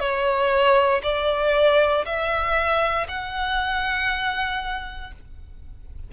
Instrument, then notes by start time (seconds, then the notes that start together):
violin
0.00 C#5
1.03 D5
2.05 E5
3.08 F#5